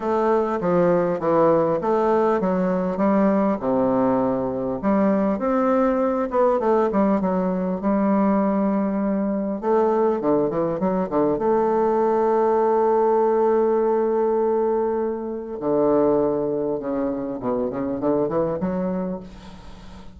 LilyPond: \new Staff \with { instrumentName = "bassoon" } { \time 4/4 \tempo 4 = 100 a4 f4 e4 a4 | fis4 g4 c2 | g4 c'4. b8 a8 g8 | fis4 g2. |
a4 d8 e8 fis8 d8 a4~ | a1~ | a2 d2 | cis4 b,8 cis8 d8 e8 fis4 | }